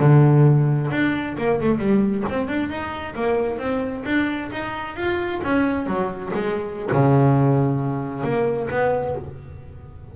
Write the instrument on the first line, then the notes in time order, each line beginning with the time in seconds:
double bass
0.00 D3
0.91 D4
1.38 A#3
1.61 A3
1.79 G3
2.30 C4
2.48 D4
2.70 D#4
3.16 A#3
3.59 C4
4.06 D4
4.52 D#4
4.96 F4
5.43 C#4
5.87 F#3
6.34 G#3
6.92 C#3
8.24 A#3
8.71 B3